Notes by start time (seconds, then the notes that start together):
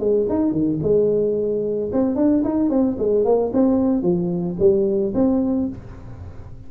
0.00 G#3
0.29 D#4
0.52 D#3
0.83 G#3
1.93 C4
2.16 D4
2.44 D#4
2.70 C4
2.99 G#3
3.25 A#3
3.54 C4
4.03 F3
4.59 G3
5.15 C4